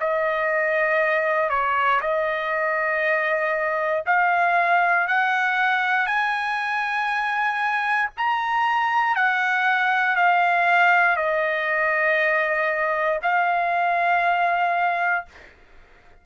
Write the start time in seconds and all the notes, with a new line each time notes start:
0.00 D#5
1.49 C#5
2.01 D#5
4.06 F5
5.08 F#5
6.06 G#5
8.17 A#5
9.15 F#5
10.16 F5
11.16 D#5
13.22 F5